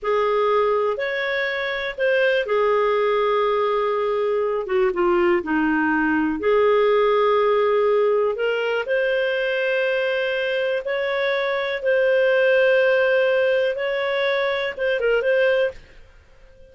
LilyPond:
\new Staff \with { instrumentName = "clarinet" } { \time 4/4 \tempo 4 = 122 gis'2 cis''2 | c''4 gis'2.~ | gis'4. fis'8 f'4 dis'4~ | dis'4 gis'2.~ |
gis'4 ais'4 c''2~ | c''2 cis''2 | c''1 | cis''2 c''8 ais'8 c''4 | }